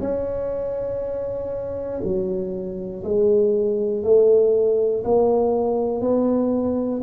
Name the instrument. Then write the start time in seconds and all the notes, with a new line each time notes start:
tuba
0.00 C#4
2.03 F#3
3.04 G#3
4.03 A3
5.04 A#3
6.01 B3